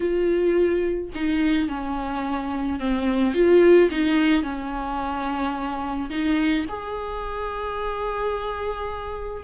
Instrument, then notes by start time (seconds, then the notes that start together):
viola
0.00 F4
1.14 D#4
1.68 C#4
2.79 C4
3.33 F4
3.90 D#4
4.42 C#4
6.10 D#4
6.68 G#4